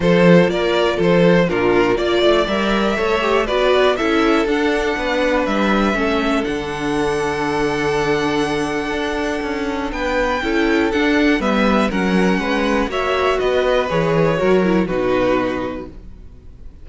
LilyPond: <<
  \new Staff \with { instrumentName = "violin" } { \time 4/4 \tempo 4 = 121 c''4 d''4 c''4 ais'4 | d''4 e''2 d''4 | e''4 fis''2 e''4~ | e''4 fis''2.~ |
fis''1 | g''2 fis''4 e''4 | fis''2 e''4 dis''4 | cis''2 b'2 | }
  \new Staff \with { instrumentName = "violin" } { \time 4/4 a'4 ais'4 a'4 f'4 | d''2 cis''4 b'4 | a'2 b'2 | a'1~ |
a'1 | b'4 a'2 b'4 | ais'4 b'4 cis''4 b'4~ | b'4 ais'4 fis'2 | }
  \new Staff \with { instrumentName = "viola" } { \time 4/4 f'2. d'4 | f'4 ais'4 a'8 g'8 fis'4 | e'4 d'2. | cis'4 d'2.~ |
d'1~ | d'4 e'4 d'4 b4 | cis'2 fis'2 | gis'4 fis'8 e'8 dis'2 | }
  \new Staff \with { instrumentName = "cello" } { \time 4/4 f4 ais4 f4 ais,4 | ais8 a8 g4 a4 b4 | cis'4 d'4 b4 g4 | a4 d2.~ |
d2 d'4 cis'4 | b4 cis'4 d'4 g4 | fis4 gis4 ais4 b4 | e4 fis4 b,2 | }
>>